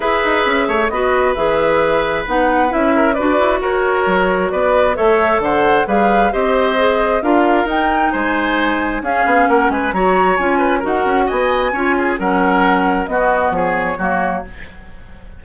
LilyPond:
<<
  \new Staff \with { instrumentName = "flute" } { \time 4/4 \tempo 4 = 133 e''2 dis''4 e''4~ | e''4 fis''4 e''4 d''4 | cis''2 d''4 e''4 | fis''4 f''4 dis''2 |
f''4 g''4 gis''2 | f''4 fis''8 gis''8 ais''4 gis''4 | fis''4 gis''2 fis''4~ | fis''4 dis''4 cis''2 | }
  \new Staff \with { instrumentName = "oboe" } { \time 4/4 b'4. cis''8 b'2~ | b'2~ b'8 ais'8 b'4 | ais'2 b'4 cis''4 | c''4 b'4 c''2 |
ais'2 c''2 | gis'4 ais'8 b'8 cis''4. b'8 | ais'4 dis''4 cis''8 gis'8 ais'4~ | ais'4 fis'4 gis'4 fis'4 | }
  \new Staff \with { instrumentName = "clarinet" } { \time 4/4 gis'2 fis'4 gis'4~ | gis'4 dis'4 e'4 fis'4~ | fis'2. a'4~ | a'4 gis'4 g'4 gis'4 |
f'4 dis'2. | cis'2 fis'4 f'4 | fis'2 f'4 cis'4~ | cis'4 b2 ais4 | }
  \new Staff \with { instrumentName = "bassoon" } { \time 4/4 e'8 dis'8 cis'8 a8 b4 e4~ | e4 b4 cis'4 d'8 e'8 | fis'4 fis4 b4 a4 | d4 g4 c'2 |
d'4 dis'4 gis2 | cis'8 b8 ais8 gis8 fis4 cis'4 | dis'8 cis'8 b4 cis'4 fis4~ | fis4 b4 f4 fis4 | }
>>